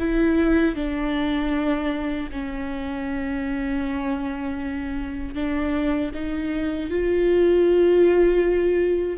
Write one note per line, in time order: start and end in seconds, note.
0.00 0.76 E4
0.76 2.30 D4
2.33 5.35 C#4
5.35 6.12 D4
6.15 6.91 D#4
6.91 9.19 F4